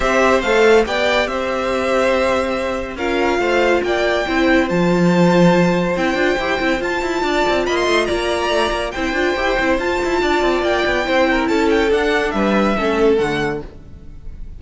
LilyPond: <<
  \new Staff \with { instrumentName = "violin" } { \time 4/4 \tempo 4 = 141 e''4 f''4 g''4 e''4~ | e''2. f''4~ | f''4 g''2 a''4~ | a''2 g''2 |
a''2 b''16 c'''8. ais''4~ | ais''4 g''2 a''4~ | a''4 g''2 a''8 g''8 | fis''4 e''2 fis''4 | }
  \new Staff \with { instrumentName = "violin" } { \time 4/4 c''2 d''4 c''4~ | c''2. ais'4 | c''4 d''4 c''2~ | c''1~ |
c''4 d''4 dis''4 d''4~ | d''4 c''2. | d''2 c''8 ais'8 a'4~ | a'4 b'4 a'2 | }
  \new Staff \with { instrumentName = "viola" } { \time 4/4 g'4 a'4 g'2~ | g'2. f'4~ | f'2 e'4 f'4~ | f'2 e'8 f'8 g'8 e'8 |
f'1~ | f'4 e'8 f'8 g'8 e'8 f'4~ | f'2 e'2 | d'2 cis'4 a4 | }
  \new Staff \with { instrumentName = "cello" } { \time 4/4 c'4 a4 b4 c'4~ | c'2. cis'4 | a4 ais4 c'4 f4~ | f2 c'8 d'8 e'8 c'8 |
f'8 e'8 d'8 c'8 ais8 a8 ais4 | a8 ais8 c'8 d'8 e'8 c'8 f'8 e'8 | d'8 c'8 ais8 b8 c'4 cis'4 | d'4 g4 a4 d4 | }
>>